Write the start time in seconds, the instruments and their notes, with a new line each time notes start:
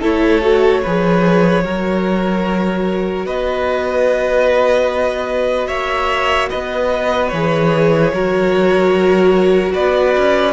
0.00 cello A3, viola E4, violin A4 C#5
0.41 viola F#4
0.82 cello F3, viola G#4, violin B4
1.63 cello F#3, viola F#4, violin A#4
3.25 cello B3, violin B4 D#5
5.67 cello A#3, violin C#5 E5
6.49 cello B3, violin B4 D#5
7.28 cello E3, viola G#4, violin C#5
8.12 cello F#3, viola F#4, violin A#4
9.73 cello B3, violin B4 D5
10.17 cello C#4